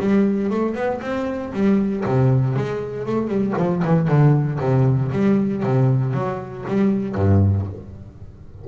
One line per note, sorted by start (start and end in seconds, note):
0.00 0.51 G3
0.51 0.75 A3
0.75 1.01 B3
1.02 1.53 C4
1.54 2.05 G3
2.06 2.56 C3
2.56 3.07 G#3
3.07 3.28 A3
3.28 3.54 G3
3.58 3.84 F3
3.85 4.08 E3
4.08 4.59 D3
4.60 5.12 C3
5.13 5.64 G3
5.64 6.14 C3
6.14 6.65 F#3
6.68 7.16 G3
7.16 7.67 G2